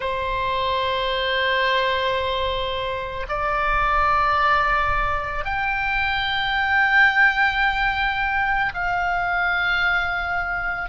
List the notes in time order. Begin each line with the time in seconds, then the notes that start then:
0.00 C5
3.28 D5
5.44 G5
8.74 F5